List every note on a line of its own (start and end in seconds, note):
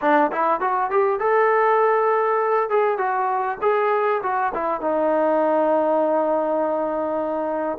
0.01 0.31 D4
0.31 0.60 E4
0.60 0.90 F#4
0.90 1.19 G4
1.19 2.69 A4
2.69 2.98 G#4
2.98 3.58 F#4
3.61 4.21 G#4
4.22 4.52 F#4
4.54 4.80 E4
4.80 7.78 D#4